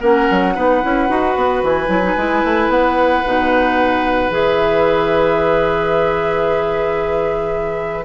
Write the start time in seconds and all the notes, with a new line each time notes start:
0.00 A#3 C#4 A#4 F#5
0.30 F#3
0.55 B3 D#4 B4
0.82 C#4 E4
1.08 D#4 F#4
1.36 B3
1.63 E3 G#5
1.87 F#3 E4
2.02 D#4
2.17 G#3 E4
2.44 A3
2.69 B3 F#5
3.25 B2 D#4
4.30 E3 G#4 E5